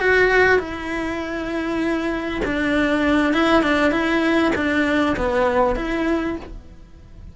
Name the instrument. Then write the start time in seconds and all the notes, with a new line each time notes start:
cello
0.00 F#4
0.59 E4
2.45 D4
3.33 E4
3.62 D4
3.91 E4
4.55 D4
5.16 B3
5.75 E4